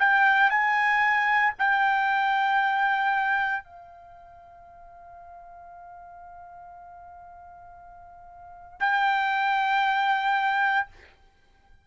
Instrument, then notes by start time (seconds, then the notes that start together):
trumpet
0.00 G5
0.50 G#5
1.59 G5
3.64 F5
8.80 G5